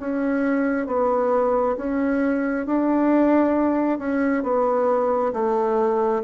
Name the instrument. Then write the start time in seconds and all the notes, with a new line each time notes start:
bassoon
0.00 C#4
0.87 B3
1.77 C#4
2.66 D4
3.99 C#4
4.43 B3
5.33 A3